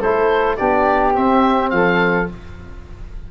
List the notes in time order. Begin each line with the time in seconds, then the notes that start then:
0.00 A3 E4 A4 C5
0.56 B3 D4 G4 D5
1.13 C4 E5
1.70 F3 A4 F5